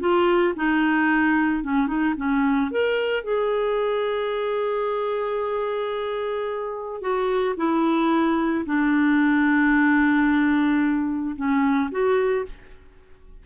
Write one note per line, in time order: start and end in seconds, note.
0.00 0.54 F4
0.56 1.64 D#4
1.64 1.87 C#4
1.87 2.14 D#4
2.17 2.71 C#4
2.71 3.24 A#4
3.24 7.01 G#4
7.01 7.55 F#4
7.57 8.65 E4
8.66 11.36 D4
11.36 11.90 C#4
11.91 12.45 F#4